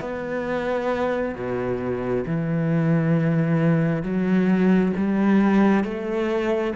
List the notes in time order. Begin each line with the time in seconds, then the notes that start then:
0.00 B3
1.34 B2
2.26 E3
4.03 F#3
4.97 G3
5.84 A3